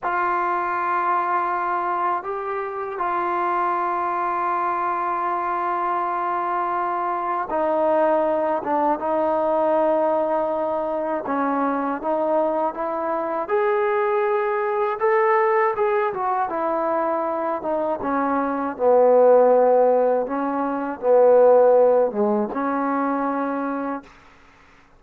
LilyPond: \new Staff \with { instrumentName = "trombone" } { \time 4/4 \tempo 4 = 80 f'2. g'4 | f'1~ | f'2 dis'4. d'8 | dis'2. cis'4 |
dis'4 e'4 gis'2 | a'4 gis'8 fis'8 e'4. dis'8 | cis'4 b2 cis'4 | b4. gis8 cis'2 | }